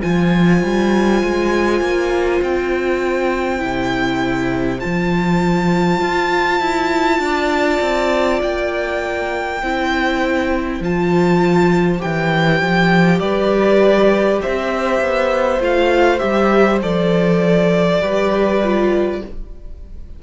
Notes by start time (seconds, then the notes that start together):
0.00 F3 F4 C5 G#5
0.63 G3
1.23 G#3
1.81 A#3
2.41 C4 G5
3.58 C3 E4
4.80 F3 F4 A5
6.00 F4
6.60 E4
7.19 D4 D5
7.81 C4
8.43 A#3 G5
9.62 C4 E4 C5
10.80 F3 F4 A5
11.98 G4 G5
12.04 E3
12.61 F3
13.19 G3 B4 D5
14.42 C4 C5 E5
15.01 B3
15.60 A3 F4 F5
16.19 G3 G4 E5
16.82 F3 A4 D5
18.01 G3 G4 B4
18.63 F4